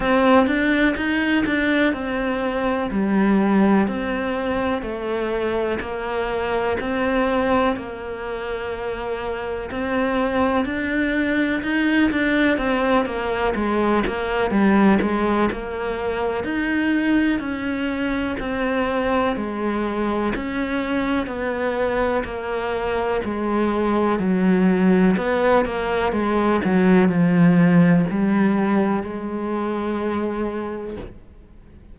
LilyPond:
\new Staff \with { instrumentName = "cello" } { \time 4/4 \tempo 4 = 62 c'8 d'8 dis'8 d'8 c'4 g4 | c'4 a4 ais4 c'4 | ais2 c'4 d'4 | dis'8 d'8 c'8 ais8 gis8 ais8 g8 gis8 |
ais4 dis'4 cis'4 c'4 | gis4 cis'4 b4 ais4 | gis4 fis4 b8 ais8 gis8 fis8 | f4 g4 gis2 | }